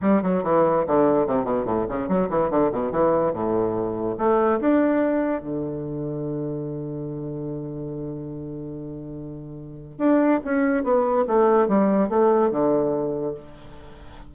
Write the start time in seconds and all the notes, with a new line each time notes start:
0.01 G3
0.22 F#3
0.43 E3
0.87 D3
1.26 C3
1.44 B2
1.65 A2
1.88 C#3
2.08 F#3
2.29 E3
2.50 D3
2.72 B2
2.91 E3
3.33 A2
4.18 A3
4.60 D4
5.41 D3
9.98 D4
10.44 C#4
10.83 B3
11.27 A3
11.68 G3
12.09 A3
12.51 D3